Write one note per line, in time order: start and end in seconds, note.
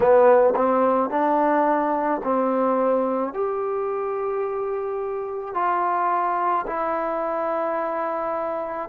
0.00 0.54 B3
0.56 1.10 C4
1.10 2.21 D4
2.23 3.33 C4
3.33 5.54 G4
5.54 6.65 F4
6.67 8.89 E4